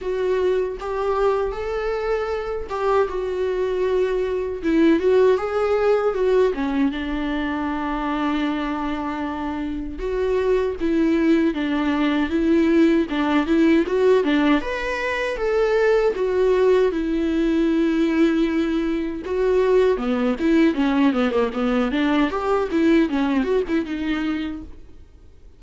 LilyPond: \new Staff \with { instrumentName = "viola" } { \time 4/4 \tempo 4 = 78 fis'4 g'4 a'4. g'8 | fis'2 e'8 fis'8 gis'4 | fis'8 cis'8 d'2.~ | d'4 fis'4 e'4 d'4 |
e'4 d'8 e'8 fis'8 d'8 b'4 | a'4 fis'4 e'2~ | e'4 fis'4 b8 e'8 cis'8 b16 ais16 | b8 d'8 g'8 e'8 cis'8 fis'16 e'16 dis'4 | }